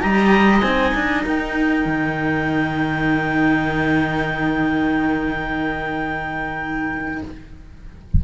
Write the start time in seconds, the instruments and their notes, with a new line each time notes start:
0.00 cello G3 G4, oboe D#5, clarinet A#5
0.60 cello C4 D#4, clarinet G#5
0.94 cello D4
1.25 cello D#4, oboe A#4, clarinet G5
1.85 cello D#3